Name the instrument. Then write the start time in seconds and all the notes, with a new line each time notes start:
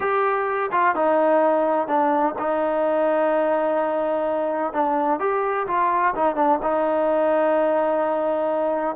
trombone
0.00 G4
0.71 F4
0.95 D#4
1.87 D4
2.38 D#4
4.73 D4
5.19 G4
5.67 F4
6.15 D#4
6.35 D4
6.62 D#4